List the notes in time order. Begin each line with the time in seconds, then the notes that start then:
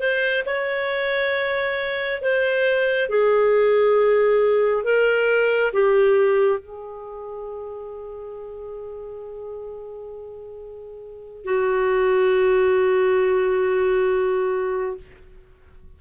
0.00 C5
0.46 C#5
2.22 C5
3.10 G#4
4.84 A#4
5.73 G4
6.60 G#4
11.45 F#4